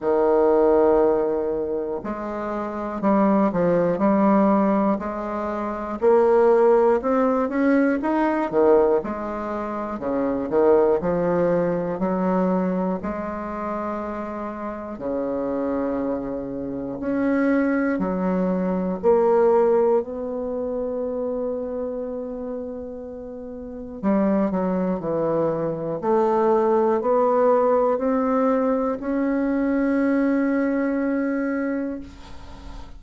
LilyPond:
\new Staff \with { instrumentName = "bassoon" } { \time 4/4 \tempo 4 = 60 dis2 gis4 g8 f8 | g4 gis4 ais4 c'8 cis'8 | dis'8 dis8 gis4 cis8 dis8 f4 | fis4 gis2 cis4~ |
cis4 cis'4 fis4 ais4 | b1 | g8 fis8 e4 a4 b4 | c'4 cis'2. | }